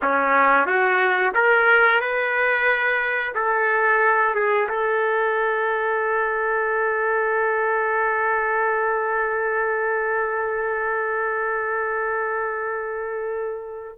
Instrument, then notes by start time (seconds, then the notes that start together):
trumpet
0.02 C#4
0.66 F#4
1.34 A#4
2.00 B4
3.35 A4
4.35 G#4
4.68 A4